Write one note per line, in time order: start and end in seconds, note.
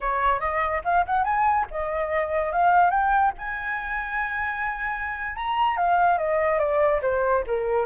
0.00 0.39 C#5
0.39 0.81 D#5
0.84 1.05 F5
1.05 1.24 F#5
1.24 1.66 G#5
1.71 2.52 D#5
2.52 2.90 F5
2.90 3.32 G5
3.38 5.36 G#5
5.36 5.77 A#5
5.77 6.18 F5
6.18 6.58 D#5
6.58 7.00 D5
7.02 7.44 C5
7.46 7.86 A#4